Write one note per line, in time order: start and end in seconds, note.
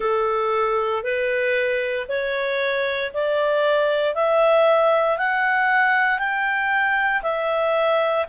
0.00 1.03 A4
1.03 2.06 B4
2.08 3.11 C#5
3.13 4.14 D5
4.14 5.18 E5
5.18 6.18 F#5
6.18 7.22 G5
7.22 8.25 E5